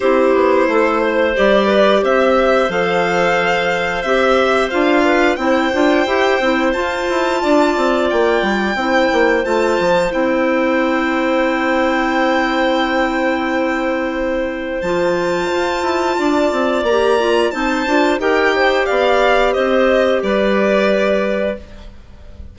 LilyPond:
<<
  \new Staff \with { instrumentName = "violin" } { \time 4/4 \tempo 4 = 89 c''2 d''4 e''4 | f''2 e''4 f''4 | g''2 a''2 | g''2 a''4 g''4~ |
g''1~ | g''2 a''2~ | a''4 ais''4 a''4 g''4 | f''4 dis''4 d''2 | }
  \new Staff \with { instrumentName = "clarinet" } { \time 4/4 g'4 a'8 c''4 b'8 c''4~ | c''2.~ c''8 b'8 | c''2. d''4~ | d''4 c''2.~ |
c''1~ | c''1 | d''2 c''4 ais'8 c''8 | d''4 c''4 b'2 | }
  \new Staff \with { instrumentName = "clarinet" } { \time 4/4 e'2 g'2 | a'2 g'4 f'4 | e'8 f'8 g'8 e'8 f'2~ | f'4 e'4 f'4 e'4~ |
e'1~ | e'2 f'2~ | f'4 g'8 f'8 dis'8 f'8 g'4~ | g'1 | }
  \new Staff \with { instrumentName = "bassoon" } { \time 4/4 c'8 b8 a4 g4 c'4 | f2 c'4 d'4 | c'8 d'8 e'8 c'8 f'8 e'8 d'8 c'8 | ais8 g8 c'8 ais8 a8 f8 c'4~ |
c'1~ | c'2 f4 f'8 e'8 | d'8 c'8 ais4 c'8 d'8 dis'4 | b4 c'4 g2 | }
>>